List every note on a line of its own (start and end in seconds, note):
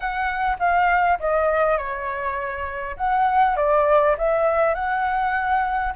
0.00 0.57 F#5
0.59 1.18 F5
1.19 1.77 D#5
1.77 2.96 C#5
2.96 3.56 F#5
3.56 4.16 D5
4.18 4.74 E5
4.74 5.93 F#5